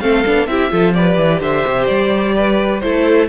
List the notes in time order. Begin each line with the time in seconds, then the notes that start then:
0.00 A3 C4 A4 F5
0.25 B3 D4
0.47 C4 E4 G4 E5
0.70 F3 F4 A4
0.94 G4 B4 D5
1.17 E3
1.41 D3 C5 E5
1.67 C3
1.86 G3 D5
2.36 B4
2.80 A3 E4 A4 C5